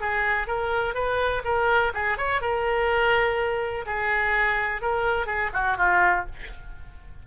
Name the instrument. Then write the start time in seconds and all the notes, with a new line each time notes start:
oboe
0.00 G#4
0.47 A#4
0.94 B4
1.44 A#4
1.94 G#4
2.17 C#5
2.41 A#4
3.86 G#4
4.81 A#4
5.26 G#4
5.53 F#4
5.77 F4